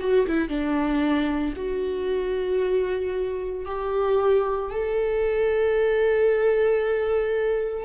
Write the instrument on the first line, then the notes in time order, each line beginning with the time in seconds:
viola
0.00 F#4
0.27 E4
0.49 D4
1.56 F#4
3.66 G4
4.71 A4